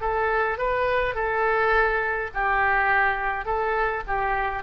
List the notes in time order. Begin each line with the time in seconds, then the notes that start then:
0.00 A4
0.57 B4
1.15 A4
2.34 G4
3.45 A4
4.07 G4